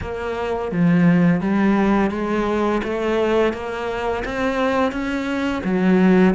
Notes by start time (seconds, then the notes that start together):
0.01 A#3
0.71 F3
1.41 G3
2.10 G#3
2.83 A3
3.53 A#3
4.24 C4
4.92 C#4
5.63 F#3